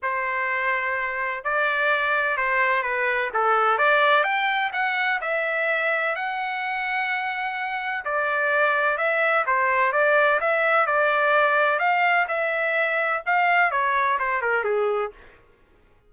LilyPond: \new Staff \with { instrumentName = "trumpet" } { \time 4/4 \tempo 4 = 127 c''2. d''4~ | d''4 c''4 b'4 a'4 | d''4 g''4 fis''4 e''4~ | e''4 fis''2.~ |
fis''4 d''2 e''4 | c''4 d''4 e''4 d''4~ | d''4 f''4 e''2 | f''4 cis''4 c''8 ais'8 gis'4 | }